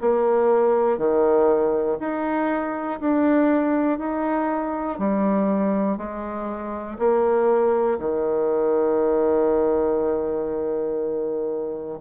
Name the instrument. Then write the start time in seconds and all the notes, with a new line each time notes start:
bassoon
0.00 A#3
0.98 D#3
1.99 D#4
3.00 D4
3.99 D#4
4.98 G3
5.97 G#3
6.98 A#3
7.99 D#3